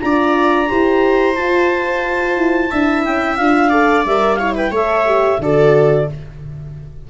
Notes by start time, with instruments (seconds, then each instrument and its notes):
0.00 tuba D4, horn F4, viola D5, clarinet A#5
0.67 tuba E4, horn G4, viola C5
1.35 horn F4, tuba F4, clarinet A5
2.37 tuba E4
2.71 tuba D4, horn E4, viola E5
3.04 tuba C#4, clarinet G5
3.36 tuba D4, horn F4, clarinet F5
3.69 horn A4, viola D5
4.05 tuba G3, horn A#4, clarinet E5
4.35 horn E4, viola C#5, clarinet F5
4.55 viola B4, clarinet G5
4.70 tuba A3, horn A4, viola C#5, clarinet E5
5.06 horn G4
5.38 tuba D3, horn F#4, viola A4, clarinet D5